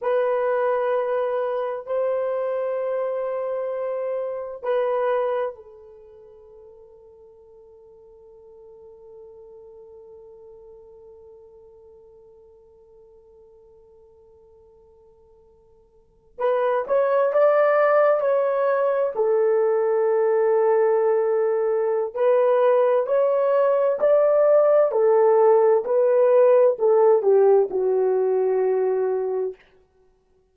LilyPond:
\new Staff \with { instrumentName = "horn" } { \time 4/4 \tempo 4 = 65 b'2 c''2~ | c''4 b'4 a'2~ | a'1~ | a'1~ |
a'4.~ a'16 b'8 cis''8 d''4 cis''16~ | cis''8. a'2.~ a'16 | b'4 cis''4 d''4 a'4 | b'4 a'8 g'8 fis'2 | }